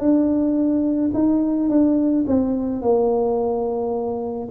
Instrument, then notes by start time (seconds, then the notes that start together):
tuba
0.00 D4
1.14 D#4
1.69 D4
2.27 C4
2.82 A#3